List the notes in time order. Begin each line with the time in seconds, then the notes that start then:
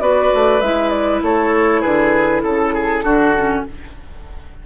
0.00 B3 F#4 B4 D5
0.34 A3
0.61 G#3 E4 E5
0.90 D5
1.23 A3 A4 C#5
1.81 D3 G#4 B4
2.43 C#3 A4
2.74 G#4
3.03 D3 D4 F#4
3.36 C#4